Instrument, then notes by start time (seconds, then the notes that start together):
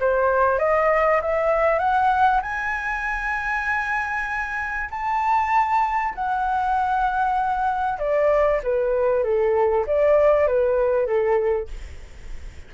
flute
0.00 C5
0.59 D#5
1.22 E5
1.79 F#5
2.42 G#5
4.91 A5
6.15 F#5
7.99 D5
8.63 B4
9.24 A4
9.87 D5
10.47 B4
11.06 A4